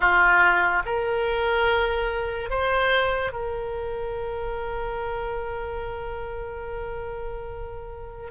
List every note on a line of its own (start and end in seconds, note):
0.00 0.83 F4
0.85 2.50 A#4
2.50 3.32 C5
3.32 8.30 A#4